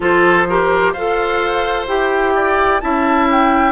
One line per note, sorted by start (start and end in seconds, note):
0.00 0.94 F3
0.00 0.45 F4
0.00 0.47 A4
0.00 0.93 C5
0.49 0.96 G4
0.49 0.93 A#4
0.93 1.87 F4
0.93 1.88 A4
0.93 2.33 C5
0.93 1.87 F5
1.87 2.80 E4
1.87 2.81 G4
1.87 2.80 G5
2.35 2.82 D5
2.80 3.72 C#4
2.80 3.72 E4
2.80 3.72 E5
2.80 3.27 A5
3.31 3.72 G5